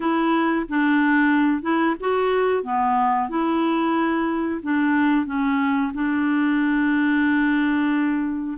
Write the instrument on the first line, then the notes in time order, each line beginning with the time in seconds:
clarinet
0.00 E4
0.69 D4
1.62 E4
1.99 F#4
2.63 B3
3.29 E4
4.62 D4
5.26 C#4
5.93 D4